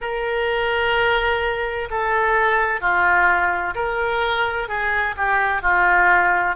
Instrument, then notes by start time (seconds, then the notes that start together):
oboe
0.01 A#4
1.90 A4
2.80 F4
3.75 A#4
4.68 G#4
5.16 G4
5.62 F4